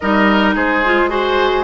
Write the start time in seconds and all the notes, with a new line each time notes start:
0.00 G3 D#4 A#4 D#5
0.55 G#3 G#4 C5
0.85 F4
1.09 F#4 G#4 C5